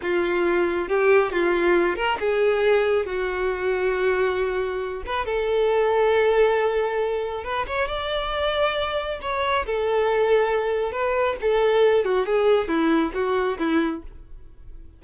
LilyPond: \new Staff \with { instrumentName = "violin" } { \time 4/4 \tempo 4 = 137 f'2 g'4 f'4~ | f'8 ais'8 gis'2 fis'4~ | fis'2.~ fis'8 b'8 | a'1~ |
a'4 b'8 cis''8 d''2~ | d''4 cis''4 a'2~ | a'4 b'4 a'4. fis'8 | gis'4 e'4 fis'4 e'4 | }